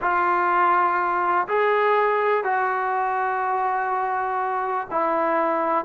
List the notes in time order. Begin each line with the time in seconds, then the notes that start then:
0.01 F4
1.48 G#4
2.43 F#4
4.90 E4